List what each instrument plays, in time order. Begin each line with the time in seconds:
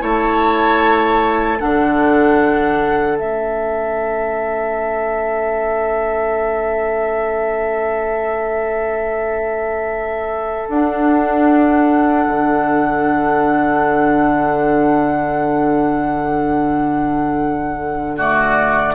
0.00 bassoon A3, clarinet E4, oboe C#5, flute A5
1.60 bassoon D3, clarinet D4, oboe A4, flute F#5
3.17 bassoon A3, clarinet C#4, flute E5
10.68 bassoon D4, clarinet D4, flute F#5
12.27 bassoon D3
18.16 clarinet A3, oboe F#4, flute D5